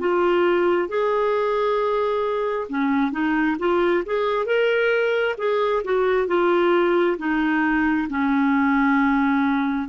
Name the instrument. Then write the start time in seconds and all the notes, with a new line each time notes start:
clarinet
0.00 F4
0.89 G#4
2.69 C#4
3.13 D#4
3.60 F4
4.06 G#4
4.46 A#4
5.39 G#4
5.85 F#4
6.28 F4
7.19 D#4
8.10 C#4